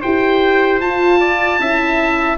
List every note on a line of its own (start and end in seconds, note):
0.00 0.80 E4
0.00 0.82 G4
0.00 1.18 C5
0.00 0.80 G5
0.80 1.59 F4
0.80 1.60 F4
0.80 2.37 A5
1.20 1.59 D5
1.59 2.37 C#4
1.59 2.37 E4
1.59 2.37 E5